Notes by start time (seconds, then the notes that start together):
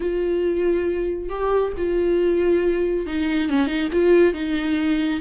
0.00 F4
1.29 G4
1.77 F4
3.06 D#4
3.49 C#4
3.66 D#4
3.92 F4
4.33 D#4